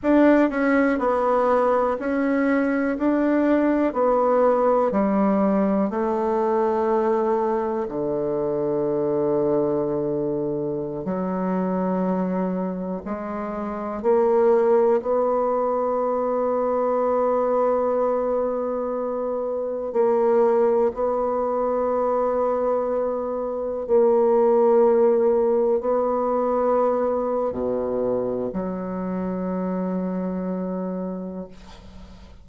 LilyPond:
\new Staff \with { instrumentName = "bassoon" } { \time 4/4 \tempo 4 = 61 d'8 cis'8 b4 cis'4 d'4 | b4 g4 a2 | d2.~ d16 fis8.~ | fis4~ fis16 gis4 ais4 b8.~ |
b1~ | b16 ais4 b2~ b8.~ | b16 ais2 b4.~ b16 | b,4 fis2. | }